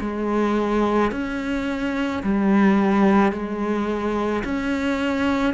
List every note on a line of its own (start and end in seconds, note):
0.00 1.11 G#3
1.11 2.22 C#4
2.23 3.32 G3
3.32 4.43 G#3
4.44 5.54 C#4